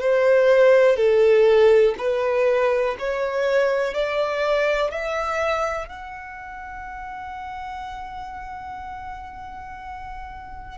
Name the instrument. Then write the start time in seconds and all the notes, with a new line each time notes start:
violin
0.00 C5
0.96 A4
1.98 B4
2.99 C#5
3.94 D5
4.90 E5
5.88 F#5